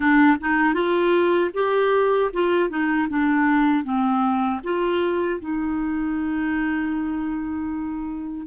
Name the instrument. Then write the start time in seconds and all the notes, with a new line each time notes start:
clarinet
0.00 D4
0.40 D#4
0.73 F4
1.54 G4
2.33 F4
2.69 D#4
3.09 D4
3.84 C4
4.63 F4
5.40 D#4